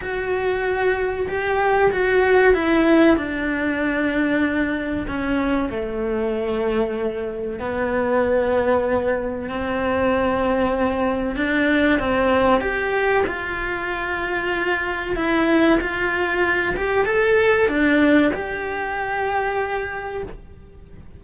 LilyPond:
\new Staff \with { instrumentName = "cello" } { \time 4/4 \tempo 4 = 95 fis'2 g'4 fis'4 | e'4 d'2. | cis'4 a2. | b2. c'4~ |
c'2 d'4 c'4 | g'4 f'2. | e'4 f'4. g'8 a'4 | d'4 g'2. | }